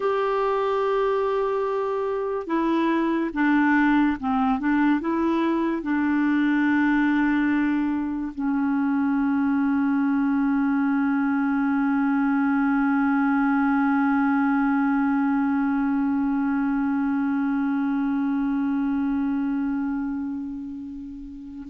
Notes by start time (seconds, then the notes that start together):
0.00 G4
2.47 E4
3.33 D4
4.20 C4
4.59 D4
5.00 E4
5.82 D4
8.34 C#4